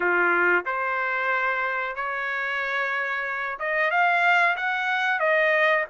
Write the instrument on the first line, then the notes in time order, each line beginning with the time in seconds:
trumpet
0.00 F4
0.65 C5
1.95 C#5
3.59 D#5
3.90 F5
4.56 F#5
5.19 D#5